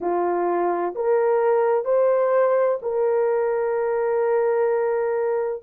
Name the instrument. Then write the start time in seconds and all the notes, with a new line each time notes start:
horn
0.00 F4
0.95 A#4
1.85 C5
2.82 A#4